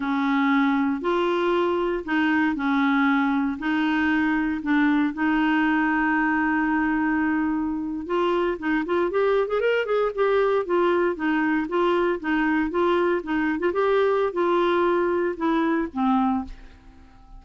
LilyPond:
\new Staff \with { instrumentName = "clarinet" } { \time 4/4 \tempo 4 = 117 cis'2 f'2 | dis'4 cis'2 dis'4~ | dis'4 d'4 dis'2~ | dis'2.~ dis'8. f'16~ |
f'8. dis'8 f'8 g'8. gis'16 ais'8 gis'8 g'16~ | g'8. f'4 dis'4 f'4 dis'16~ | dis'8. f'4 dis'8. f'16 g'4~ g'16 | f'2 e'4 c'4 | }